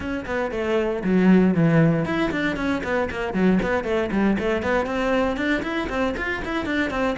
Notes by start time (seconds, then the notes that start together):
0.00 C#4
0.25 B3
0.51 A3
1.03 F#3
1.54 E3
2.05 E4
2.31 D4
2.56 C#4
2.83 B3
3.10 A#3
3.33 F#3
3.62 B3
3.84 A3
4.11 G3
4.38 A3
4.62 B3
4.86 C4
5.37 D4
5.62 E4
5.89 C4
6.17 F4
6.45 E4
6.65 D4
6.90 C4